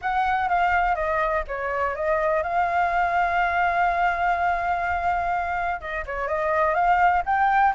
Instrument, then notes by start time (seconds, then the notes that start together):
flute
0.01 F#5
0.48 F5
0.95 D#5
1.47 C#5
1.95 D#5
2.42 F5
5.80 D#5
6.05 C#5
6.28 D#5
6.74 F5
7.25 G5